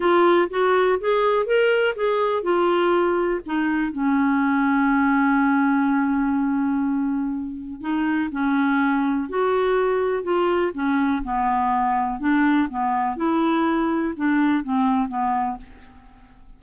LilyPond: \new Staff \with { instrumentName = "clarinet" } { \time 4/4 \tempo 4 = 123 f'4 fis'4 gis'4 ais'4 | gis'4 f'2 dis'4 | cis'1~ | cis'1 |
dis'4 cis'2 fis'4~ | fis'4 f'4 cis'4 b4~ | b4 d'4 b4 e'4~ | e'4 d'4 c'4 b4 | }